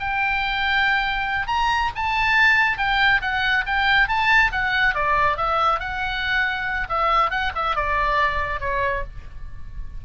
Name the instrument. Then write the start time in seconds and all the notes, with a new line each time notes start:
oboe
0.00 G5
1.47 A#5
1.96 A5
2.78 G5
3.22 F#5
3.67 G5
4.08 A5
4.52 F#5
4.95 D5
5.37 E5
5.80 F#5
6.89 E5
7.31 F#5
7.55 E5
7.76 D5
8.60 C#5